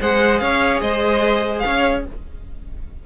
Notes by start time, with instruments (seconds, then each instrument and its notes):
0.00 cello G#3, viola G#4, violin C5 F#5
0.39 cello C#4, violin C#5 F5
0.81 cello G#3, violin C5 D#5
1.59 violin C#5 F5
1.65 cello C#4